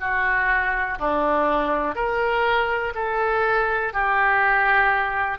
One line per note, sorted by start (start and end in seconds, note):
0.00 0.98 F#4
0.98 1.95 D4
1.95 2.93 A#4
2.95 3.93 A4
3.93 5.38 G4